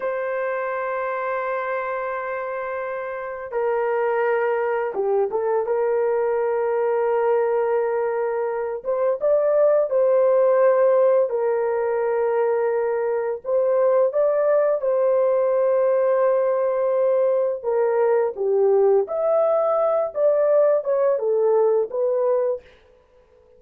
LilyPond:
\new Staff \with { instrumentName = "horn" } { \time 4/4 \tempo 4 = 85 c''1~ | c''4 ais'2 g'8 a'8 | ais'1~ | ais'8 c''8 d''4 c''2 |
ais'2. c''4 | d''4 c''2.~ | c''4 ais'4 g'4 e''4~ | e''8 d''4 cis''8 a'4 b'4 | }